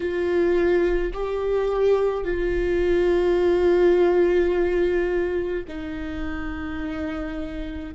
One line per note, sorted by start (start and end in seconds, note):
0.00 1.13 F4
1.13 2.24 G4
2.24 5.63 F4
5.68 7.94 D#4